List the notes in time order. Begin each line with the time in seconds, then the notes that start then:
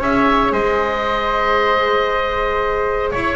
0.00 C#4 G#4 C#5 E5
0.52 G#3 C5 D#5
3.11 E4 C#5